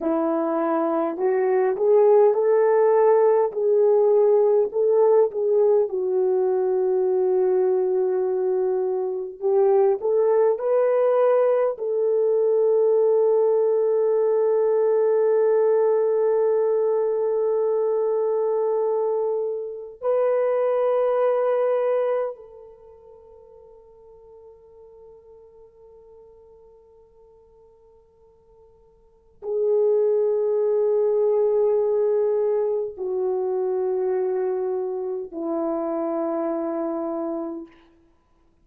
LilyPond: \new Staff \with { instrumentName = "horn" } { \time 4/4 \tempo 4 = 51 e'4 fis'8 gis'8 a'4 gis'4 | a'8 gis'8 fis'2. | g'8 a'8 b'4 a'2~ | a'1~ |
a'4 b'2 a'4~ | a'1~ | a'4 gis'2. | fis'2 e'2 | }